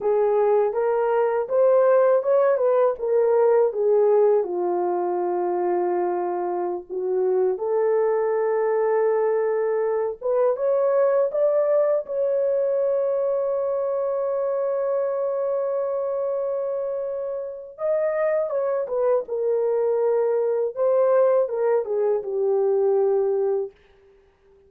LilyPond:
\new Staff \with { instrumentName = "horn" } { \time 4/4 \tempo 4 = 81 gis'4 ais'4 c''4 cis''8 b'8 | ais'4 gis'4 f'2~ | f'4~ f'16 fis'4 a'4.~ a'16~ | a'4.~ a'16 b'8 cis''4 d''8.~ |
d''16 cis''2.~ cis''8.~ | cis''1 | dis''4 cis''8 b'8 ais'2 | c''4 ais'8 gis'8 g'2 | }